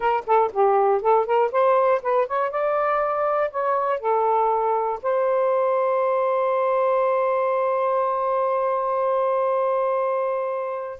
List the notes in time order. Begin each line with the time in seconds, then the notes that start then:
0.00 A#4
0.26 A4
0.53 G4
1.01 A4
1.26 A#4
1.51 C5
2.02 B4
2.27 C#5
2.50 D5
3.50 C#5
3.99 A4
5.02 C5